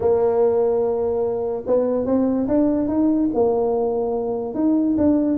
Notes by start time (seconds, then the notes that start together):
0.00 A#3
1.66 B3
2.05 C4
2.48 D4
2.88 D#4
3.34 A#3
4.54 D#4
4.97 D4